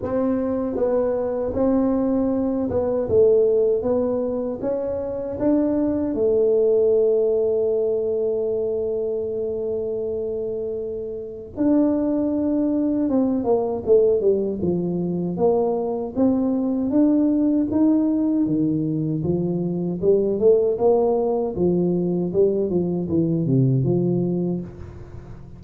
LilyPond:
\new Staff \with { instrumentName = "tuba" } { \time 4/4 \tempo 4 = 78 c'4 b4 c'4. b8 | a4 b4 cis'4 d'4 | a1~ | a2. d'4~ |
d'4 c'8 ais8 a8 g8 f4 | ais4 c'4 d'4 dis'4 | dis4 f4 g8 a8 ais4 | f4 g8 f8 e8 c8 f4 | }